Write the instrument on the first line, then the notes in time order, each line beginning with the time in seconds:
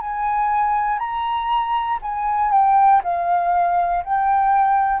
flute
0.00 G#5
0.98 A#5
2.01 G#5
2.51 G5
3.03 F5
4.04 G5